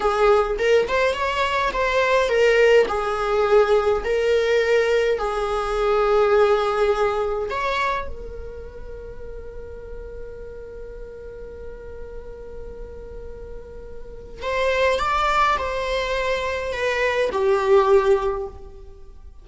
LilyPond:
\new Staff \with { instrumentName = "viola" } { \time 4/4 \tempo 4 = 104 gis'4 ais'8 c''8 cis''4 c''4 | ais'4 gis'2 ais'4~ | ais'4 gis'2.~ | gis'4 cis''4 ais'2~ |
ais'1~ | ais'1~ | ais'4 c''4 d''4 c''4~ | c''4 b'4 g'2 | }